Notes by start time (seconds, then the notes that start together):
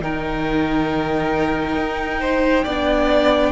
0.00 D#3 D#4 A#4 G5
1.76 D#4
2.21 C5
2.64 B3 D4 D5